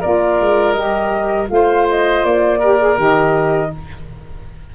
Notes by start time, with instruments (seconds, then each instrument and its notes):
0.00 tuba A#3, saxophone F4, oboe A#4, flute D5
0.41 tuba G#3
0.73 tuba G3, saxophone G4, flute D#5
1.47 tuba A3, saxophone F4, flute F5
1.54 oboe C5
1.90 flute D#5
2.24 tuba A#3, flute D5
2.59 saxophone G4, oboe A#4
2.79 saxophone G#4
2.96 tuba D#3, saxophone G4, flute D#5